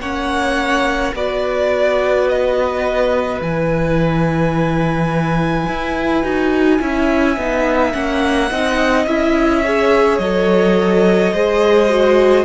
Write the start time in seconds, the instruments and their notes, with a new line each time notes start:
0.00 cello A#3, viola C#4, violin C#5 F#5
1.14 cello B3, viola F#4, violin B4 D5
2.29 violin D#5
3.41 cello E3, viola E4, violin G#5
5.68 cello E4
6.23 cello D#4, viola F#4
6.79 cello C#4, viola E4, violin E5
7.37 cello B3, viola D#4
7.92 cello A#3, viola C#4, violin F#5
8.51 cello C4, viola D#4, violin D#5
9.07 cello C#4, viola E4, violin E5
9.64 viola G#4, violin C#5
10.18 cello F#3, viola A4, violin D#5
11.33 cello G#3, viola G#4, violin C5
11.89 viola F#4